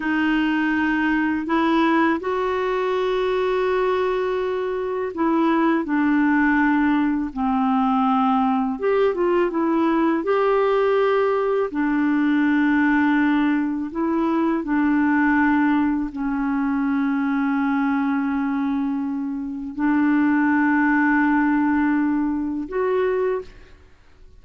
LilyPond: \new Staff \with { instrumentName = "clarinet" } { \time 4/4 \tempo 4 = 82 dis'2 e'4 fis'4~ | fis'2. e'4 | d'2 c'2 | g'8 f'8 e'4 g'2 |
d'2. e'4 | d'2 cis'2~ | cis'2. d'4~ | d'2. fis'4 | }